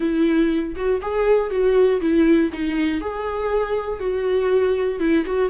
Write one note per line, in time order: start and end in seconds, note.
0.00 0.75 E4
0.75 1.00 F#4
1.01 1.50 G#4
1.50 2.00 F#4
2.00 2.50 E4
2.52 3.00 D#4
3.00 3.99 G#4
3.99 4.99 F#4
4.99 5.24 E4
5.25 5.49 F#4